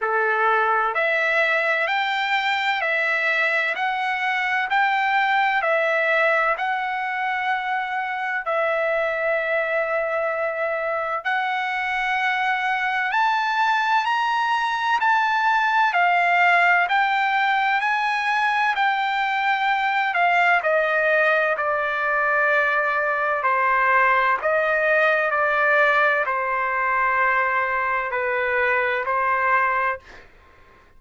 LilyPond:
\new Staff \with { instrumentName = "trumpet" } { \time 4/4 \tempo 4 = 64 a'4 e''4 g''4 e''4 | fis''4 g''4 e''4 fis''4~ | fis''4 e''2. | fis''2 a''4 ais''4 |
a''4 f''4 g''4 gis''4 | g''4. f''8 dis''4 d''4~ | d''4 c''4 dis''4 d''4 | c''2 b'4 c''4 | }